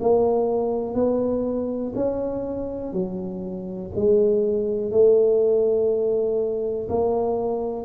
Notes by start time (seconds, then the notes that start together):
0.00 A#3
0.94 B3
1.95 C#4
2.92 F#3
3.95 G#3
4.91 A3
6.89 A#3